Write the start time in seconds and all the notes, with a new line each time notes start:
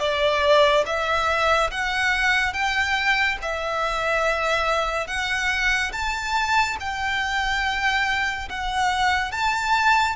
0.00 D5
0.86 E5
1.71 F#5
2.54 G5
3.42 E5
5.07 F#5
5.93 A5
6.80 G5
8.49 F#5
9.32 A5